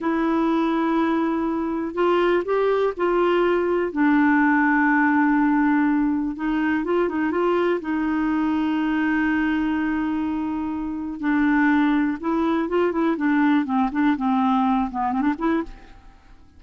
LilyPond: \new Staff \with { instrumentName = "clarinet" } { \time 4/4 \tempo 4 = 123 e'1 | f'4 g'4 f'2 | d'1~ | d'4 dis'4 f'8 dis'8 f'4 |
dis'1~ | dis'2. d'4~ | d'4 e'4 f'8 e'8 d'4 | c'8 d'8 c'4. b8 c'16 d'16 e'8 | }